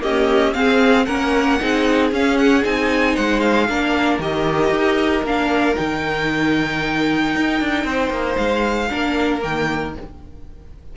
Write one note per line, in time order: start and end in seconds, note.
0.00 0.52 A#3
0.00 0.56 C#4
0.00 0.54 G4
0.00 0.54 D#5
0.54 1.07 C4
0.54 1.08 C4
0.54 1.07 G#4
0.54 1.06 F5
1.06 1.61 A#3
1.06 1.60 C#4
1.06 1.59 A#4
1.06 2.10 F#5
1.60 2.12 C4
1.60 2.12 D#4
1.60 3.15 G#4
2.12 2.64 C#4
2.12 2.63 C#4
2.12 2.38 F5
2.38 2.64 F#5
2.63 3.17 C4
2.63 3.68 D#4
2.63 3.16 G#5
3.15 3.70 G#3
3.15 3.67 C5
3.15 3.40 F#5
3.40 4.18 F5
3.69 4.19 A#3
3.69 4.21 D4
3.69 7.85 A#4
4.19 4.70 D#3
4.19 5.26 G4
4.19 5.26 D#5
4.70 5.22 D#4
5.23 5.75 A#3
5.23 5.76 D4
5.23 5.76 F5
5.76 7.35 D#3
5.76 8.89 D#4
5.76 8.37 G5
7.35 7.61 D#4
7.61 7.85 D4
7.85 8.10 C4
7.85 8.90 C5
8.10 8.37 A#3
8.37 8.91 G#3
8.37 9.41 F5
8.90 9.44 A#3
8.90 9.41 D4
8.90 9.96 A#4
9.41 9.97 D#3
9.41 9.93 A#3
9.41 9.95 G5